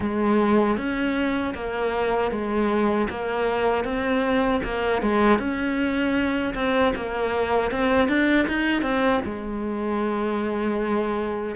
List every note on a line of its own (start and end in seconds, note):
0.00 0.77 G#3
0.77 1.54 C#4
1.54 2.31 A#3
2.31 3.08 G#3
3.09 3.84 A#3
3.84 4.61 C4
4.63 5.01 A#3
5.01 5.38 G#3
5.38 6.54 C#4
6.54 6.93 C4
6.95 7.71 A#3
7.71 8.08 C4
8.08 8.46 D4
8.48 8.82 D#4
8.82 9.20 C4
9.24 11.55 G#3